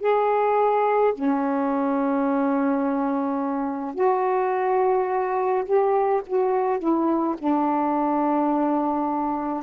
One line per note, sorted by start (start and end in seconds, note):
0.00 1.13 G#4
1.14 3.94 C#4
3.94 5.64 F#4
5.65 6.22 G4
6.26 6.79 F#4
6.79 7.35 E4
7.38 9.63 D4